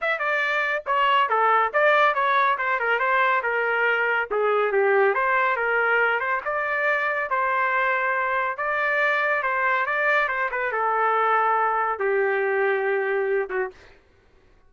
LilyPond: \new Staff \with { instrumentName = "trumpet" } { \time 4/4 \tempo 4 = 140 e''8 d''4. cis''4 a'4 | d''4 cis''4 c''8 ais'8 c''4 | ais'2 gis'4 g'4 | c''4 ais'4. c''8 d''4~ |
d''4 c''2. | d''2 c''4 d''4 | c''8 b'8 a'2. | g'2.~ g'8 fis'8 | }